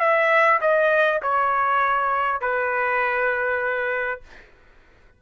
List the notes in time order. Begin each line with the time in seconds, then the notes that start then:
0.00 E5
0.61 D#5
1.22 C#5
2.41 B4